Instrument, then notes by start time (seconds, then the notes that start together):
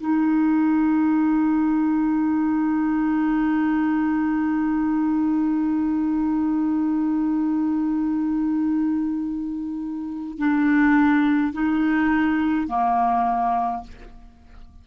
clarinet
0.00 D#4
10.38 D4
11.53 D#4
12.68 A#3